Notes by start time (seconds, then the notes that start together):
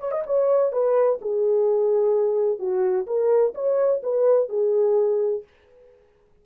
0.00 C#5
0.11 D#5
0.26 C#5
0.72 B4
1.22 G#4
2.59 F#4
3.07 A#4
3.55 C#5
4.03 B4
4.49 G#4